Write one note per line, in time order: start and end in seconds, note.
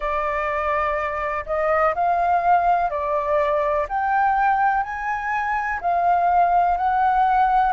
0.00 1.45 D5
1.46 1.94 D#5
1.94 2.89 F5
2.89 3.86 D5
3.88 4.83 G5
4.83 5.79 G#5
5.81 6.77 F5
6.77 7.72 F#5